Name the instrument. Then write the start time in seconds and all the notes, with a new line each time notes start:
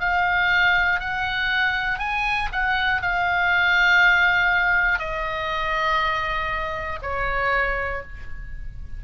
oboe
0.00 F5
1.00 F#5
1.99 G#5
2.52 F#5
3.02 F5
4.99 D#5
7.02 C#5